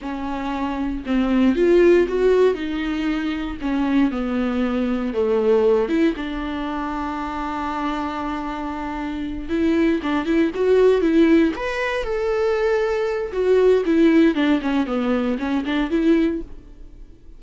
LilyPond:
\new Staff \with { instrumentName = "viola" } { \time 4/4 \tempo 4 = 117 cis'2 c'4 f'4 | fis'4 dis'2 cis'4 | b2 a4. e'8 | d'1~ |
d'2~ d'8 e'4 d'8 | e'8 fis'4 e'4 b'4 a'8~ | a'2 fis'4 e'4 | d'8 cis'8 b4 cis'8 d'8 e'4 | }